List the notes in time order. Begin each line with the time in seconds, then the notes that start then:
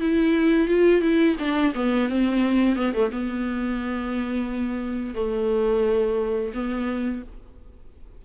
0.00 E4
0.67 F4
1.02 E4
1.39 D4
1.75 B3
2.09 C4
2.76 B3
2.93 A3
3.11 B3
5.14 A3
6.53 B3